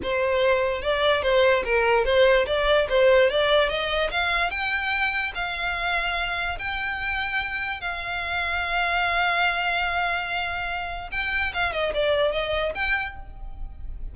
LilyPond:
\new Staff \with { instrumentName = "violin" } { \time 4/4 \tempo 4 = 146 c''2 d''4 c''4 | ais'4 c''4 d''4 c''4 | d''4 dis''4 f''4 g''4~ | g''4 f''2. |
g''2. f''4~ | f''1~ | f''2. g''4 | f''8 dis''8 d''4 dis''4 g''4 | }